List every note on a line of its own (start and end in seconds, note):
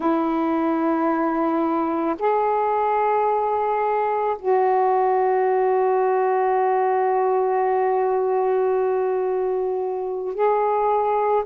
0.00 2.15 E4
2.18 4.36 G#4
4.38 10.34 F#4
10.34 11.43 G#4